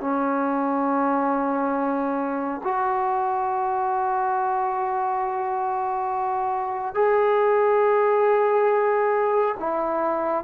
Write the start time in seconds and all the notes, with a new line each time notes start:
0.00 C#4
2.63 F#4
6.94 G#4
9.59 E4